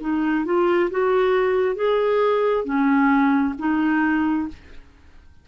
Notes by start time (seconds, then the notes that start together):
0.00 D#4
0.45 F4
0.91 F#4
1.75 G#4
2.65 C#4
3.59 D#4